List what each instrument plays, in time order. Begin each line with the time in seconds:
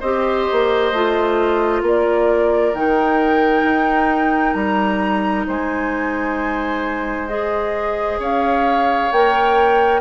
0.00 bassoon C4, clarinet G4, oboe C5, flute D#5
0.52 bassoon A#3
0.92 bassoon A3, clarinet F4
1.82 bassoon A#3, oboe A#4, flute D5
2.73 bassoon D#3, clarinet D#4, flute G5
3.62 bassoon D#4
4.54 bassoon G3, flute A#5
5.47 bassoon G#3, oboe C5, flute G#5
7.28 clarinet G#4, flute D#5
8.19 bassoon C#4, oboe C#5, flute F5
9.12 bassoon A#3, clarinet A#4, flute G5